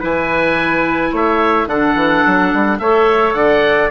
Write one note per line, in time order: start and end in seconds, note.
0.00 1.12 E3
0.00 1.68 E4
0.00 1.11 B4
0.00 1.15 G#5
1.12 1.66 A3
1.12 1.67 C#5
1.12 1.69 E5
1.66 1.94 D3
1.66 2.80 D4
1.66 2.80 A4
1.66 2.79 F#5
1.94 2.22 E3
2.26 2.53 F#3
2.53 2.79 G3
2.79 3.33 A3
2.79 3.90 A4
2.79 3.36 C#5
2.79 3.34 E5
3.33 3.89 D3
3.33 3.90 D5
3.33 3.89 F#5